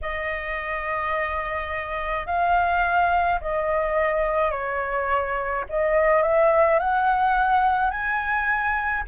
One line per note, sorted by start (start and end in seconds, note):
0.01 2.26 D#5
2.26 3.39 F5
3.40 4.51 D#5
4.51 5.64 C#5
5.69 6.22 D#5
6.22 6.79 E5
6.79 7.90 F#5
7.90 9.03 G#5